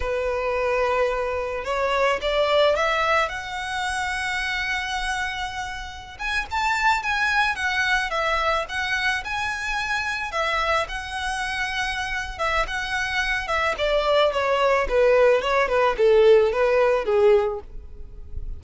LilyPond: \new Staff \with { instrumentName = "violin" } { \time 4/4 \tempo 4 = 109 b'2. cis''4 | d''4 e''4 fis''2~ | fis''2.~ fis''16 gis''8 a''16~ | a''8. gis''4 fis''4 e''4 fis''16~ |
fis''8. gis''2 e''4 fis''16~ | fis''2~ fis''8 e''8 fis''4~ | fis''8 e''8 d''4 cis''4 b'4 | cis''8 b'8 a'4 b'4 gis'4 | }